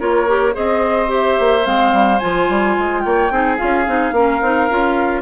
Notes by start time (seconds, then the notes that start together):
0.00 A#3 F4 A#4 C#5
0.28 G4
0.53 C4 G#4 C5 D#5
1.07 G4
1.14 E5
1.40 A#3
1.65 G#3 C4 F5
1.93 G3
2.19 F3 F4 G#5
2.50 G3
2.79 G#3
3.01 A#3 C#5 G5
3.31 C4 D#4 G#4
3.58 C#4 F4 F5
3.87 C4 D#4
4.12 A#3 C#4 A#4
4.42 C4 D#4
4.70 C#4 F4